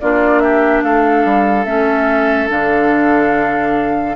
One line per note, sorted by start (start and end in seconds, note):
0.00 0.83 A#3
0.00 1.65 D4
0.00 0.42 F4
0.00 0.39 D5
0.39 0.83 G4
0.39 0.81 E5
0.82 1.25 A3
0.82 4.15 A4
0.82 1.65 F5
1.25 1.65 G3
1.65 2.48 A3
1.65 2.48 C#4
1.65 2.48 E5
2.48 4.15 D3
2.48 4.15 D4
2.48 4.15 F5